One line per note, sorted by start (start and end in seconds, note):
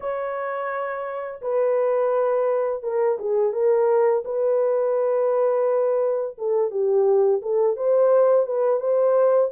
0.00 1.41 C#5
1.41 2.82 B4
2.82 3.18 A#4
3.19 3.52 G#4
3.52 4.23 A#4
4.24 6.36 B4
6.38 6.70 A4
6.70 7.41 G4
7.42 7.76 A4
7.76 8.46 C5
8.46 8.80 B4
8.80 9.50 C5